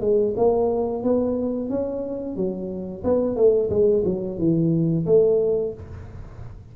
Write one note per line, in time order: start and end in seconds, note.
0.00 0.34 G#3
0.36 1.03 A#3
1.03 1.69 B3
1.69 2.36 C#4
2.36 3.03 F#3
3.04 3.36 B3
3.36 3.69 A3
3.70 4.03 G#3
4.04 4.38 F#3
4.38 5.05 E3
5.06 5.73 A3